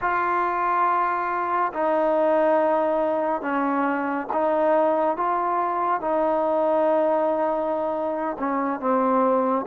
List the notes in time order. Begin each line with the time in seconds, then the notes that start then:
0.01 F4
1.73 D#4
3.41 C#4
4.32 D#4
5.16 F4
6.00 D#4
8.38 C#4
8.79 C4